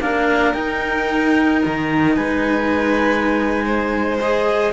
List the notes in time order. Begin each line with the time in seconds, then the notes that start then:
0.00 A#3 D4 A#4 F5
0.54 D#4 G5
1.66 D#3 A#5
2.16 G#3 B4 G#5
3.66 C5
4.20 G#4 D#5